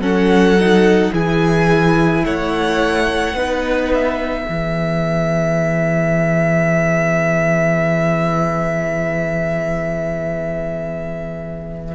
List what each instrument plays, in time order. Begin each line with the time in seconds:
0.00 cello F#3, viola C#4, violin A4 F#5
0.61 viola D#4
1.13 cello E3, viola E4, violin G#4 G#5
2.25 cello A3, violin C#5 F#5
3.34 cello B3, viola D#4, violin B4
3.94 violin E5
4.46 cello E3, viola B3, violin G#4